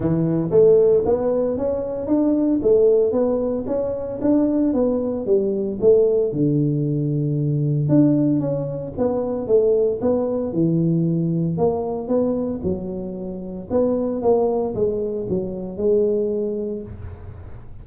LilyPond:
\new Staff \with { instrumentName = "tuba" } { \time 4/4 \tempo 4 = 114 e4 a4 b4 cis'4 | d'4 a4 b4 cis'4 | d'4 b4 g4 a4 | d2. d'4 |
cis'4 b4 a4 b4 | e2 ais4 b4 | fis2 b4 ais4 | gis4 fis4 gis2 | }